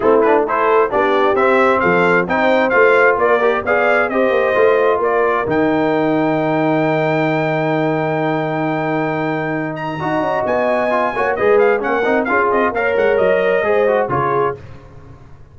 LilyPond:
<<
  \new Staff \with { instrumentName = "trumpet" } { \time 4/4 \tempo 4 = 132 a'8 b'8 c''4 d''4 e''4 | f''4 g''4 f''4 d''4 | f''4 dis''2 d''4 | g''1~ |
g''1~ | g''4. ais''4. gis''4~ | gis''4 dis''8 f''8 fis''4 f''8 dis''8 | f''8 fis''8 dis''2 cis''4 | }
  \new Staff \with { instrumentName = "horn" } { \time 4/4 e'4 a'4 g'2 | a'4 c''2 ais'4 | d''4 c''2 ais'4~ | ais'1~ |
ais'1~ | ais'2 dis''2~ | dis''8 cis''8 b'4 ais'4 gis'4 | cis''2 c''4 gis'4 | }
  \new Staff \with { instrumentName = "trombone" } { \time 4/4 c'8 d'8 e'4 d'4 c'4~ | c'4 dis'4 f'4. g'8 | gis'4 g'4 f'2 | dis'1~ |
dis'1~ | dis'2 fis'2 | f'8 fis'8 gis'4 cis'8 dis'8 f'4 | ais'2 gis'8 fis'8 f'4 | }
  \new Staff \with { instrumentName = "tuba" } { \time 4/4 a2 b4 c'4 | f4 c'4 a4 ais4 | b4 c'8 ais8 a4 ais4 | dis1~ |
dis1~ | dis2 dis'8 cis'8 b4~ | b8 ais8 gis4 ais8 c'8 cis'8 c'8 | ais8 gis8 fis4 gis4 cis4 | }
>>